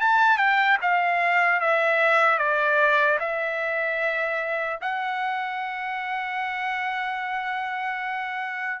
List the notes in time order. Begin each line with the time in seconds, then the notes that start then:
0.00 A5
0.37 G5
0.81 F5
1.60 E5
2.38 D5
3.19 E5
4.81 F#5